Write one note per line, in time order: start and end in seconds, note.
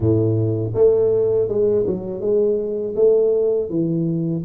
0.00 0.72 A2
0.74 1.48 A3
1.48 1.85 G#3
1.86 2.20 F#3
2.20 2.94 G#3
2.95 3.69 A3
3.69 4.43 E3